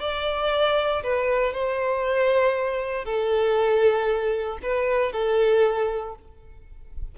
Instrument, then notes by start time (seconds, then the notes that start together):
violin
0.00 D5
1.03 B4
1.53 C5
3.05 A4
4.62 B4
5.12 A4